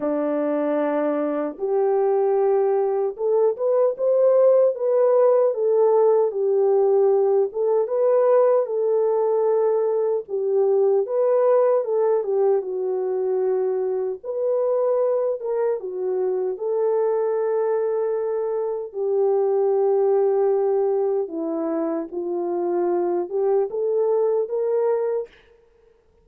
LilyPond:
\new Staff \with { instrumentName = "horn" } { \time 4/4 \tempo 4 = 76 d'2 g'2 | a'8 b'8 c''4 b'4 a'4 | g'4. a'8 b'4 a'4~ | a'4 g'4 b'4 a'8 g'8 |
fis'2 b'4. ais'8 | fis'4 a'2. | g'2. e'4 | f'4. g'8 a'4 ais'4 | }